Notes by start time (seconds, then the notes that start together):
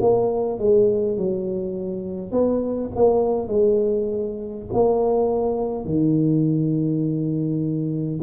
0.00 A#3
0.58 G#3
1.17 F#3
2.31 B3
2.95 A#3
3.48 G#3
4.73 A#3
5.84 D#3